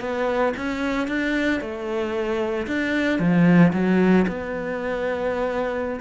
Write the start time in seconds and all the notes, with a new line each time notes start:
0.00 B3
0.57 C#4
1.08 D4
1.61 A3
2.67 D4
3.19 F3
3.73 F#3
4.27 B3